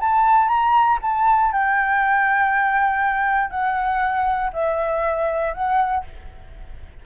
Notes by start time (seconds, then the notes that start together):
0.00 A5
0.48 A#5
1.02 A5
1.52 G5
3.50 F#5
4.53 E5
5.54 F#5